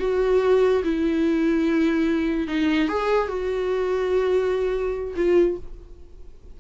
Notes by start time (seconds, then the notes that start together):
0.00 F#4
0.85 E4
2.48 D#4
2.89 G#4
3.29 F#4
5.16 F4